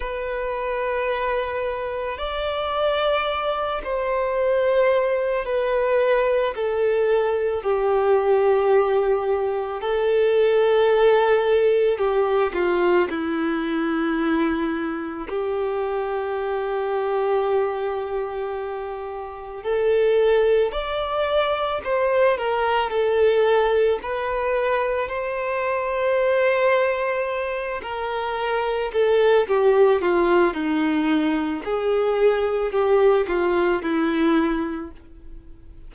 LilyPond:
\new Staff \with { instrumentName = "violin" } { \time 4/4 \tempo 4 = 55 b'2 d''4. c''8~ | c''4 b'4 a'4 g'4~ | g'4 a'2 g'8 f'8 | e'2 g'2~ |
g'2 a'4 d''4 | c''8 ais'8 a'4 b'4 c''4~ | c''4. ais'4 a'8 g'8 f'8 | dis'4 gis'4 g'8 f'8 e'4 | }